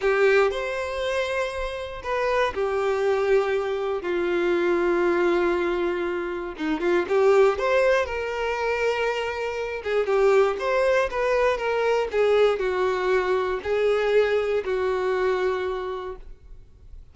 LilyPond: \new Staff \with { instrumentName = "violin" } { \time 4/4 \tempo 4 = 119 g'4 c''2. | b'4 g'2. | f'1~ | f'4 dis'8 f'8 g'4 c''4 |
ais'2.~ ais'8 gis'8 | g'4 c''4 b'4 ais'4 | gis'4 fis'2 gis'4~ | gis'4 fis'2. | }